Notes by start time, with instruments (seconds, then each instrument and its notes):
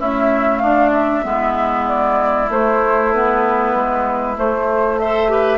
0.00 clarinet A3, bassoon C#4, oboe E4, flute E5
0.59 oboe D4, bassoon D4, flute F5
0.93 flute E5
1.23 bassoon G#3, clarinet B3, oboe E4
1.88 flute D5
2.49 bassoon A3, clarinet A3, flute C5
3.12 clarinet B3, flute B4
3.75 bassoon G#3
4.36 clarinet A3, bassoon A3, flute C5
4.99 clarinet A4, oboe C5, flute E5
5.29 clarinet G4, oboe B4